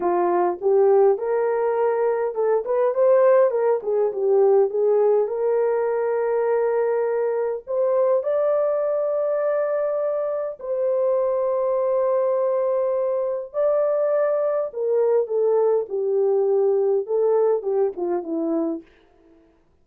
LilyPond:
\new Staff \with { instrumentName = "horn" } { \time 4/4 \tempo 4 = 102 f'4 g'4 ais'2 | a'8 b'8 c''4 ais'8 gis'8 g'4 | gis'4 ais'2.~ | ais'4 c''4 d''2~ |
d''2 c''2~ | c''2. d''4~ | d''4 ais'4 a'4 g'4~ | g'4 a'4 g'8 f'8 e'4 | }